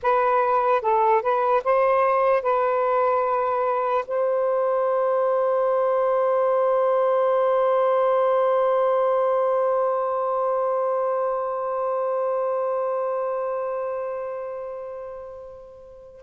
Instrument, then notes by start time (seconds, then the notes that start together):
saxophone
0.02 B4
0.81 A4
1.22 B4
1.64 C5
2.42 B4
4.07 C5